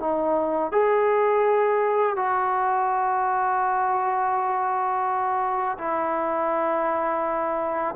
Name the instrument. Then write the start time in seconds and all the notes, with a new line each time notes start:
trombone
0.00 D#4
0.72 G#4
2.16 F#4
5.78 E4